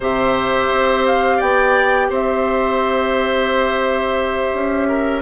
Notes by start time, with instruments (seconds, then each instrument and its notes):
0.00 bassoon C3, clarinet G4, oboe C5, flute E5
0.71 bassoon C4
1.06 flute F5
1.37 bassoon B3, oboe D5, flute G5
2.09 bassoon C4, oboe C5, flute E5
4.53 bassoon C#4
4.88 oboe A#4